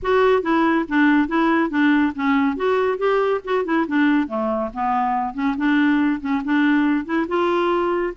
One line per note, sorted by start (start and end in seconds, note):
0.02 0.42 F#4
0.42 0.85 E4
0.88 1.28 D4
1.28 1.70 E4
1.70 2.13 D4
2.15 2.56 C#4
2.56 2.98 F#4
2.98 3.41 G4
3.44 3.64 F#4
3.64 3.86 E4
3.87 4.27 D4
4.27 4.70 A3
4.73 5.34 B3
5.34 5.55 C#4
5.57 6.20 D4
6.20 6.41 C#4
6.44 7.05 D4
7.05 7.26 E4
7.28 8.13 F4